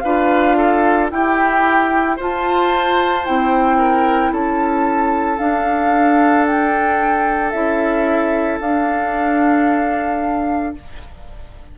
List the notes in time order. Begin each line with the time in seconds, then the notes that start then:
0.00 D4 F4 B4 F5
0.58 A4
1.11 E4 G4 G5
2.17 F4 C5 A5
3.25 C4 E4 G5
3.78 A#4
4.32 C#4 A4 A5
5.39 D4 F5
6.46 G5
7.51 C#4 E4 E5
8.60 D4 F5